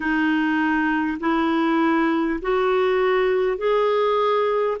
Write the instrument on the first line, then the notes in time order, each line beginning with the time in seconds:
clarinet
0.00 D#4
1.20 E4
2.41 F#4
3.57 G#4